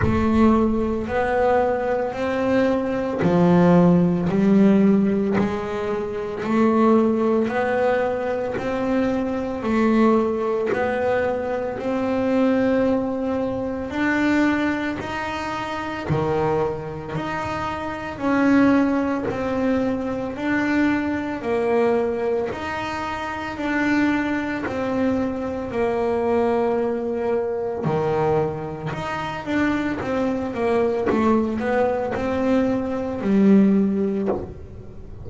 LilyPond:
\new Staff \with { instrumentName = "double bass" } { \time 4/4 \tempo 4 = 56 a4 b4 c'4 f4 | g4 gis4 a4 b4 | c'4 a4 b4 c'4~ | c'4 d'4 dis'4 dis4 |
dis'4 cis'4 c'4 d'4 | ais4 dis'4 d'4 c'4 | ais2 dis4 dis'8 d'8 | c'8 ais8 a8 b8 c'4 g4 | }